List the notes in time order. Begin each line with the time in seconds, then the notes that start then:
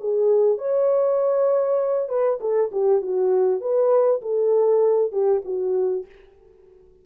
0.00 G#4
0.58 C#5
2.09 B4
2.40 A4
2.72 G4
3.01 F#4
3.61 B4
4.21 A4
5.12 G4
5.45 F#4